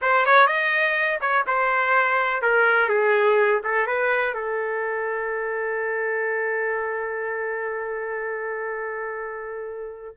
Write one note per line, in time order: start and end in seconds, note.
0.01 0.25 C5
0.25 0.46 C#5
0.46 1.19 D#5
1.21 1.45 C#5
1.46 2.42 C5
2.42 2.89 A#4
2.89 3.61 G#4
3.63 3.86 A4
3.86 4.34 B4
4.34 10.14 A4